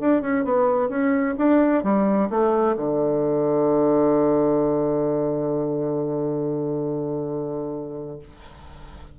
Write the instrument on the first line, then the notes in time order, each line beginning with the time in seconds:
bassoon
0.00 D4
0.21 C#4
0.44 B3
0.89 C#4
1.38 D4
1.83 G3
2.30 A3
2.77 D3